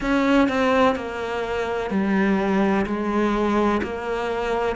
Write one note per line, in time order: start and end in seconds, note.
0.00 0.48 C#4
0.48 0.95 C4
0.95 1.90 A#3
1.90 2.85 G3
2.86 3.81 G#3
3.83 4.76 A#3